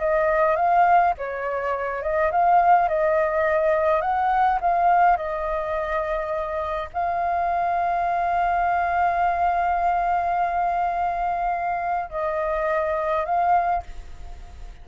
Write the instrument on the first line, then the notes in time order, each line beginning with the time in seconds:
flute
0.00 D#5
0.56 F5
1.18 C#5
2.02 D#5
2.32 F5
2.89 D#5
4.02 F#5
4.61 F5
5.17 D#5
6.93 F5
12.10 D#5
13.26 F5